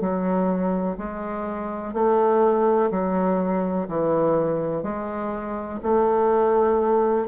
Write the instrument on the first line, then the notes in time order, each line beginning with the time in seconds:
bassoon
0.00 F#3
0.97 G#3
1.93 A3
2.90 F#3
3.88 E3
4.83 G#3
5.82 A3